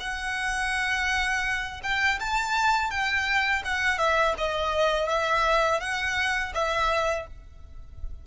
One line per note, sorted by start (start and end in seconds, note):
0.00 1.81 F#5
1.83 2.19 G5
2.20 2.91 A5
2.91 3.63 G5
3.65 3.98 F#5
3.98 4.34 E5
4.38 5.09 D#5
5.09 5.80 E5
5.80 6.53 F#5
6.54 7.27 E5